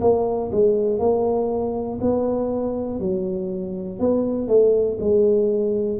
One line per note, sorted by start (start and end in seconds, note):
0.00 0.50 A#3
0.52 0.99 G#3
0.99 1.99 A#3
2.01 3.00 B3
3.00 3.99 F#3
3.99 4.48 B3
4.48 4.98 A3
4.99 5.99 G#3